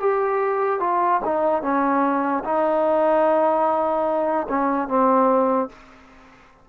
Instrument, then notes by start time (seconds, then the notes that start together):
trombone
0.00 G4
0.80 F4
1.24 D#4
1.62 C#4
2.44 D#4
4.49 C#4
4.88 C4